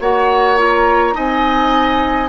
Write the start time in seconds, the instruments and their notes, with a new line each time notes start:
0.00 bassoon A#3, clarinet F#4, oboe C#5, flute F#5
0.57 clarinet F4, flute A#5
1.13 bassoon C4, clarinet D#4, oboe D#5, flute G#5